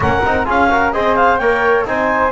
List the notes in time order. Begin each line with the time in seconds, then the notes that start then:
0.00 A#3 C#4 A#4 F#5
0.26 C4 D#4
0.44 C#4 F4 G#4 F5
0.70 F#4 A#4
0.92 C4 G#4 C5 D#5
1.16 F5
1.37 A#3 A#4 C#5 G5
1.85 C4 D#4 C5 G#5